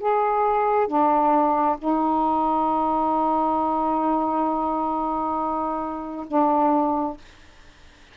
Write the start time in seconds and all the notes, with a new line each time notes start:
0.00 G#4
0.88 D4
1.79 D#4
6.28 D4